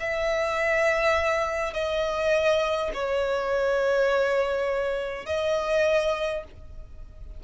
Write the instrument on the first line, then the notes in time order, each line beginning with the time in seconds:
violin
0.00 E5
1.74 D#5
2.94 C#5
5.26 D#5